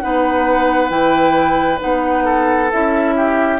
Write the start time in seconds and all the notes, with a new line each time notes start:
0.00 B3 D#4 B4 F#5
0.89 E3 E4 G5
1.79 B3 D#4 F#5
2.25 A4
2.72 C#4 E4 E5
3.16 G4